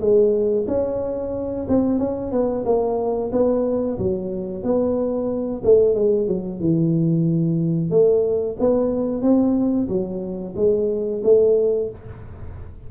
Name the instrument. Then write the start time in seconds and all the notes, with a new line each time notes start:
tuba
0.00 G#3
0.67 C#4
1.68 C4
1.98 C#4
2.31 B3
2.65 A#3
3.32 B3
3.98 F#3
4.63 B3
5.64 A3
5.95 G#3
6.28 F#3
6.60 E3
7.90 A3
8.59 B3
9.22 C4
9.88 F#3
10.56 G#3
11.24 A3